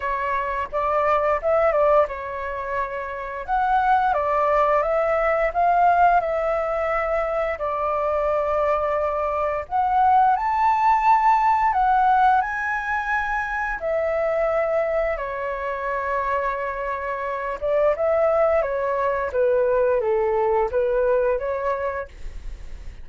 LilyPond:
\new Staff \with { instrumentName = "flute" } { \time 4/4 \tempo 4 = 87 cis''4 d''4 e''8 d''8 cis''4~ | cis''4 fis''4 d''4 e''4 | f''4 e''2 d''4~ | d''2 fis''4 a''4~ |
a''4 fis''4 gis''2 | e''2 cis''2~ | cis''4. d''8 e''4 cis''4 | b'4 a'4 b'4 cis''4 | }